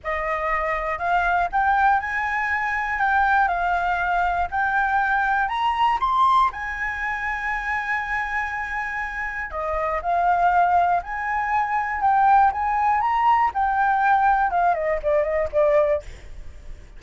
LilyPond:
\new Staff \with { instrumentName = "flute" } { \time 4/4 \tempo 4 = 120 dis''2 f''4 g''4 | gis''2 g''4 f''4~ | f''4 g''2 ais''4 | c'''4 gis''2.~ |
gis''2. dis''4 | f''2 gis''2 | g''4 gis''4 ais''4 g''4~ | g''4 f''8 dis''8 d''8 dis''8 d''4 | }